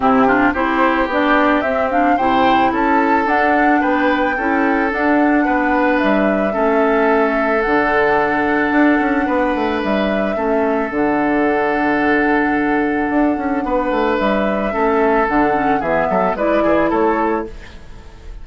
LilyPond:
<<
  \new Staff \with { instrumentName = "flute" } { \time 4/4 \tempo 4 = 110 g'4 c''4 d''4 e''8 f''8 | g''4 a''4 fis''4 g''4~ | g''4 fis''2 e''4~ | e''2 fis''2~ |
fis''2 e''2 | fis''1~ | fis''2 e''2 | fis''4 e''4 d''4 cis''4 | }
  \new Staff \with { instrumentName = "oboe" } { \time 4/4 e'8 f'8 g'2. | c''4 a'2 b'4 | a'2 b'2 | a'1~ |
a'4 b'2 a'4~ | a'1~ | a'4 b'2 a'4~ | a'4 gis'8 a'8 b'8 gis'8 a'4 | }
  \new Staff \with { instrumentName = "clarinet" } { \time 4/4 c'8 d'8 e'4 d'4 c'8 d'8 | e'2 d'2 | e'4 d'2. | cis'2 d'2~ |
d'2. cis'4 | d'1~ | d'2. cis'4 | d'8 cis'8 b4 e'2 | }
  \new Staff \with { instrumentName = "bassoon" } { \time 4/4 c4 c'4 b4 c'4 | c4 cis'4 d'4 b4 | cis'4 d'4 b4 g4 | a2 d2 |
d'8 cis'8 b8 a8 g4 a4 | d1 | d'8 cis'8 b8 a8 g4 a4 | d4 e8 fis8 gis8 e8 a4 | }
>>